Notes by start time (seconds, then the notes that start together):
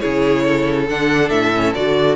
0.00 C#3 E4 G#4 C#5
0.44 A4
0.89 D3 D4 F#5
1.30 A2 E5
1.55 C#4
1.75 D3 F#4 D5